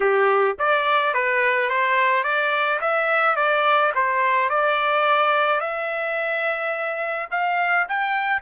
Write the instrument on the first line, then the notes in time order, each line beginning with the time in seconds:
trumpet
0.00 G4
0.58 D5
1.14 B4
1.69 C5
2.23 D5
2.80 E5
3.36 D5
3.94 C5
4.49 D5
5.60 E5
7.30 F5
7.88 G5